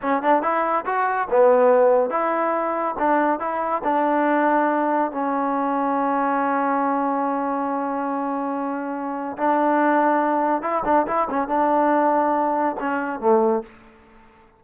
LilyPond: \new Staff \with { instrumentName = "trombone" } { \time 4/4 \tempo 4 = 141 cis'8 d'8 e'4 fis'4 b4~ | b4 e'2 d'4 | e'4 d'2. | cis'1~ |
cis'1~ | cis'2 d'2~ | d'4 e'8 d'8 e'8 cis'8 d'4~ | d'2 cis'4 a4 | }